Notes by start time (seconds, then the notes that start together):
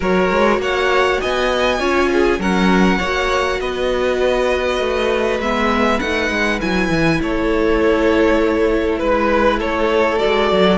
0.00 F#3 F#4 A#4 C#5
0.30 G#3
0.58 A#3 C#5 F#5
1.20 B3 D#5 G#5
1.79 C#4 F4 C#5
2.12 G#4
2.39 F#3 C#4 A#4 F#5
2.98 A#3 F#4 C#5
3.60 B3 B4 D#5
4.79 A3
5.39 G#3 B3 E5
5.99 A3 D#4 F#5
6.30 G#3
6.60 F#3 E4 G#5
6.89 E3
7.21 A3 A4 C#5
8.99 G#3 B4
9.59 A3 A4 C#5
10.18 F#4 D5
10.25 G#3
10.51 F#3